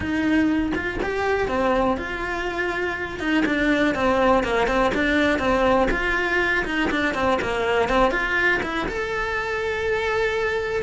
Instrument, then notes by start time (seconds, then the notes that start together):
cello
0.00 D#4
0.74 F4
1.02 G4
1.48 C4
1.97 F4
3.19 D#4
3.45 D4
3.95 C4
4.43 A#3
4.67 C4
4.94 D4
5.39 C4
5.90 F4
6.65 D#4
6.90 D4
7.14 C4
7.41 A#3
7.88 C4
8.11 F4
8.62 E4
8.88 A4